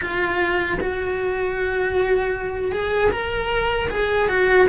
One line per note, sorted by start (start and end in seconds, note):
0.01 0.79 F4
0.80 2.71 F#4
2.71 3.10 G#4
3.11 3.89 A#4
3.90 4.29 G#4
4.29 4.68 F#4